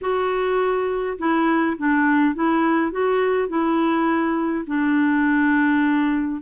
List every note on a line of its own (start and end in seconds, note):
0.01 1.17 F#4
1.18 1.76 E4
1.77 2.35 D4
2.35 2.91 E4
2.91 3.48 F#4
3.48 4.65 E4
4.66 6.41 D4